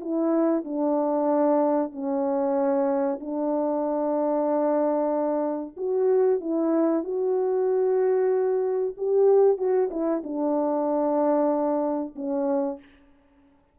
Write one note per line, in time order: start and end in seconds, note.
0.00 0.64 E4
0.64 1.91 D4
1.92 3.19 C#4
3.20 5.76 D4
5.76 6.40 F#4
6.40 7.03 E4
7.03 8.94 F#4
8.97 9.57 G4
9.57 9.89 F#4
9.90 10.22 E4
10.23 12.15 D4
12.15 12.79 C#4